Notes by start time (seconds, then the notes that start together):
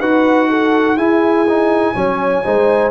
0.00 D#4 F#4 B4 F#5
0.50 A4
0.96 E4 G#4 G#5
1.49 D#4
1.95 F#3 C#4 C#5
2.44 G#3 D#4 C5